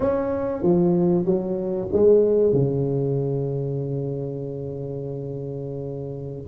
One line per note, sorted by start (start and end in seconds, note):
0.00 0.62 C#4
0.62 1.25 F3
1.25 1.88 F#3
1.92 2.53 G#3
2.53 6.47 C#3